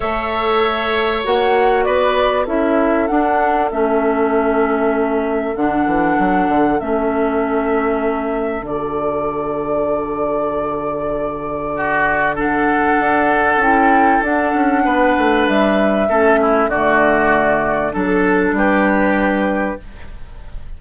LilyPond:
<<
  \new Staff \with { instrumentName = "flute" } { \time 4/4 \tempo 4 = 97 e''2 fis''4 d''4 | e''4 fis''4 e''2~ | e''4 fis''2 e''4~ | e''2 d''2~ |
d''1 | fis''2 g''4 fis''4~ | fis''4 e''2 d''4~ | d''4 a'4 b'2 | }
  \new Staff \with { instrumentName = "oboe" } { \time 4/4 cis''2. b'4 | a'1~ | a'1~ | a'1~ |
a'2. fis'4 | a'1 | b'2 a'8 e'8 fis'4~ | fis'4 a'4 g'2 | }
  \new Staff \with { instrumentName = "clarinet" } { \time 4/4 a'2 fis'2 | e'4 d'4 cis'2~ | cis'4 d'2 cis'4~ | cis'2 fis'2~ |
fis'1 | d'2 e'4 d'4~ | d'2 cis'4 a4~ | a4 d'2. | }
  \new Staff \with { instrumentName = "bassoon" } { \time 4/4 a2 ais4 b4 | cis'4 d'4 a2~ | a4 d8 e8 fis8 d8 a4~ | a2 d2~ |
d1~ | d4 d'4 cis'4 d'8 cis'8 | b8 a8 g4 a4 d4~ | d4 fis4 g2 | }
>>